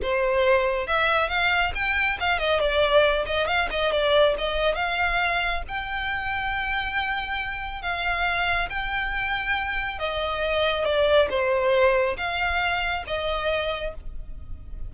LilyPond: \new Staff \with { instrumentName = "violin" } { \time 4/4 \tempo 4 = 138 c''2 e''4 f''4 | g''4 f''8 dis''8 d''4. dis''8 | f''8 dis''8 d''4 dis''4 f''4~ | f''4 g''2.~ |
g''2 f''2 | g''2. dis''4~ | dis''4 d''4 c''2 | f''2 dis''2 | }